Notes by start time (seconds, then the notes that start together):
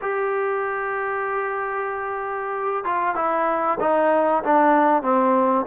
0.01 G4
2.84 F4
3.15 E4
3.80 D#4
4.43 D4
5.02 C4